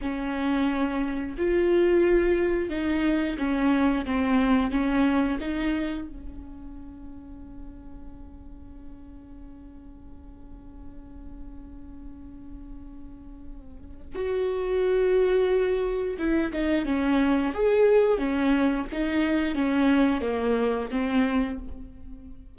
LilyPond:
\new Staff \with { instrumentName = "viola" } { \time 4/4 \tempo 4 = 89 cis'2 f'2 | dis'4 cis'4 c'4 cis'4 | dis'4 cis'2.~ | cis'1~ |
cis'1~ | cis'4 fis'2. | e'8 dis'8 cis'4 gis'4 cis'4 | dis'4 cis'4 ais4 c'4 | }